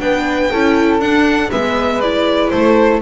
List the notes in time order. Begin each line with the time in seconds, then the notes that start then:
0.00 B3 D4 B4 G5
0.51 C#4 E4 A4
0.99 D4 F#5
1.50 G#3 B3 B4 E5
2.01 E4 D5
2.49 A3 A4 C5